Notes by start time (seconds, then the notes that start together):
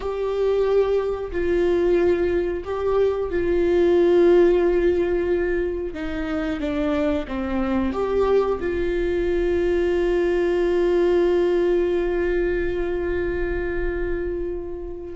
0.00 G4
1.31 F4
2.64 G4
3.30 F4
5.93 D#4
6.60 D4
7.27 C4
7.92 G4
8.60 F4